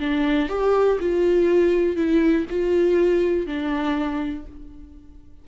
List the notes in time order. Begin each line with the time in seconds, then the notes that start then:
0.00 D4
0.49 G4
1.00 F4
1.96 E4
2.50 F4
3.47 D4